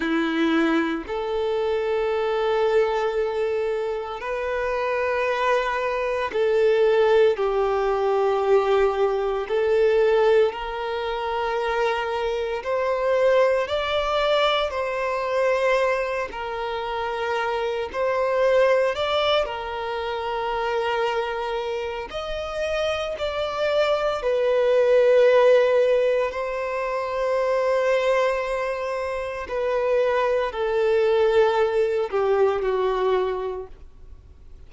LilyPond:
\new Staff \with { instrumentName = "violin" } { \time 4/4 \tempo 4 = 57 e'4 a'2. | b'2 a'4 g'4~ | g'4 a'4 ais'2 | c''4 d''4 c''4. ais'8~ |
ais'4 c''4 d''8 ais'4.~ | ais'4 dis''4 d''4 b'4~ | b'4 c''2. | b'4 a'4. g'8 fis'4 | }